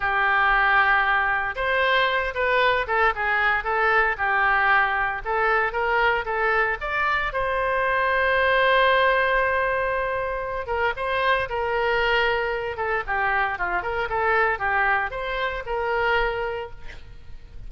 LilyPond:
\new Staff \with { instrumentName = "oboe" } { \time 4/4 \tempo 4 = 115 g'2. c''4~ | c''8 b'4 a'8 gis'4 a'4 | g'2 a'4 ais'4 | a'4 d''4 c''2~ |
c''1~ | c''8 ais'8 c''4 ais'2~ | ais'8 a'8 g'4 f'8 ais'8 a'4 | g'4 c''4 ais'2 | }